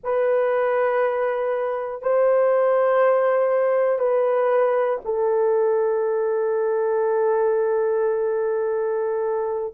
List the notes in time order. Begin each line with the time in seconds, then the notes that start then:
0.03 B4
2.01 C5
3.99 B4
5.05 A4